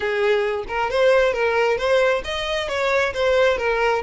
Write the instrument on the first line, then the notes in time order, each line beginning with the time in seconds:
violin
0.00 G#4
0.68 A#4
0.90 C5
1.33 A#4
1.77 C5
2.24 D#5
2.68 C#5
3.13 C5
3.57 A#4